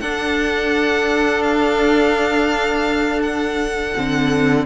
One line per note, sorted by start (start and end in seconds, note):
0.00 3.93 D4
0.00 3.95 D4
0.00 4.66 A4
0.00 1.43 F#5
1.43 3.21 F5
3.22 4.65 F#5
3.96 4.66 D3
3.96 4.66 C4